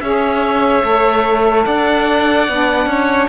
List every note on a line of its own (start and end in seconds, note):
0.00 0.83 C#4
0.00 0.83 G#4
0.00 1.66 C#5
0.00 1.64 E5
0.83 1.66 A3
0.83 2.47 A4
1.65 2.49 D4
1.65 2.89 D5
1.65 3.29 F#5
2.49 2.86 B3
2.49 3.29 D4
2.86 3.28 C#4
2.86 3.29 C#5